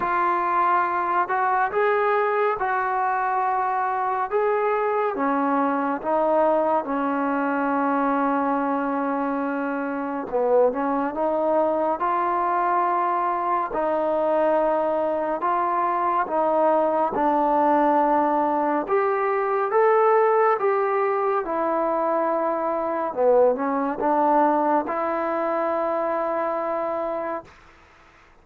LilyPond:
\new Staff \with { instrumentName = "trombone" } { \time 4/4 \tempo 4 = 70 f'4. fis'8 gis'4 fis'4~ | fis'4 gis'4 cis'4 dis'4 | cis'1 | b8 cis'8 dis'4 f'2 |
dis'2 f'4 dis'4 | d'2 g'4 a'4 | g'4 e'2 b8 cis'8 | d'4 e'2. | }